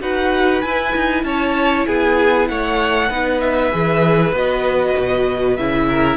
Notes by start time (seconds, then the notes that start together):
0.00 D#4 F#4 B4 F#5
0.62 E4 G#5
0.96 D#4
1.23 C#4 C#5 A5
1.86 B3 G#4 G#5
2.48 A3 C#5 F#5
3.09 B3 D#4 B4
3.40 E5
3.72 E3 G#4
4.32 B3 F#4 D#5
4.97 B2
5.57 C#3 E4 E5
5.89 A#4